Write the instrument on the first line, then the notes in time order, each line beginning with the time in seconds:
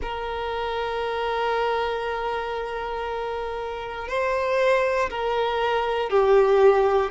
violin
0.01 A#4
4.07 C5
5.10 A#4
6.10 G4